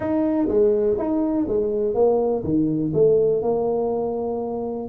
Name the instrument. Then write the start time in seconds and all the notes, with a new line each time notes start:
tuba
0.00 D#4
0.48 G#3
0.98 D#4
1.47 G#3
1.94 A#3
2.43 D#3
2.93 A3
3.42 A#3